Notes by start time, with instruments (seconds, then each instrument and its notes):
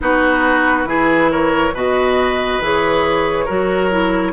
0.00 bassoon B3, clarinet D#4, oboe F#4, flute B4
0.84 bassoon E3, clarinet E4, oboe G#4
1.31 oboe A#4, flute C#5
1.73 bassoon B2, clarinet F#4, oboe B4, flute D#5
2.60 bassoon E3, clarinet G#4, flute C#5
3.44 bassoon F#3, clarinet F#4, oboe A#4
3.90 clarinet E4